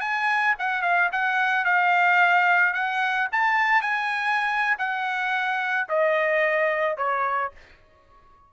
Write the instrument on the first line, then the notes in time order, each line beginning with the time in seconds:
trumpet
0.00 G#5
0.58 F#5
0.82 F5
1.12 F#5
1.65 F5
2.73 F#5
3.32 A5
3.81 G#5
4.78 F#5
5.88 D#5
6.97 C#5